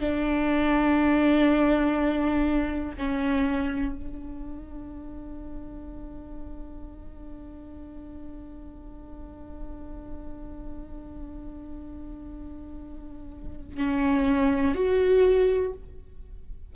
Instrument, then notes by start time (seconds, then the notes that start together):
viola
0.00 D4
2.98 C#4
3.95 D4
13.77 C#4
14.75 F#4